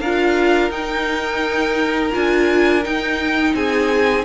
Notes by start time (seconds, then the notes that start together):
0.00 D4 F4 A#4 F5
0.70 D#4 G5
2.12 D4 F4 G#5
2.83 D#4 G5
3.54 C4 G#4 G#5